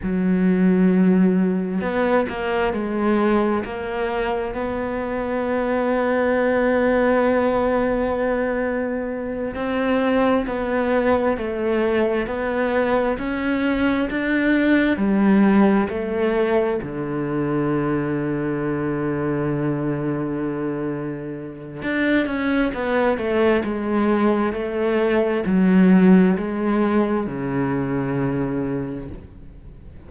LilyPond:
\new Staff \with { instrumentName = "cello" } { \time 4/4 \tempo 4 = 66 fis2 b8 ais8 gis4 | ais4 b2.~ | b2~ b8 c'4 b8~ | b8 a4 b4 cis'4 d'8~ |
d'8 g4 a4 d4.~ | d1 | d'8 cis'8 b8 a8 gis4 a4 | fis4 gis4 cis2 | }